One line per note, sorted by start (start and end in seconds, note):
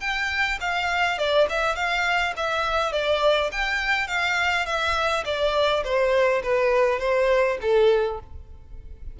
0.00 0.58 G5
0.60 1.18 F5
1.18 1.47 D5
1.49 1.75 E5
1.75 2.33 F5
2.36 2.92 E5
2.92 3.50 D5
3.51 4.07 G5
4.07 4.65 F5
4.65 5.24 E5
5.25 5.83 D5
5.84 6.42 C5
6.43 6.99 B4
6.99 7.57 C5
7.61 8.20 A4